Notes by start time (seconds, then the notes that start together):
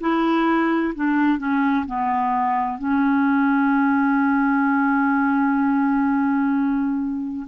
0.00 E4
0.95 D4
1.38 C#4
1.86 B3
2.78 C#4